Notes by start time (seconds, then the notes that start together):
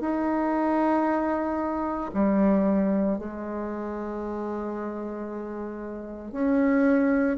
0.00 D#4
2.13 G3
3.18 G#3
6.32 C#4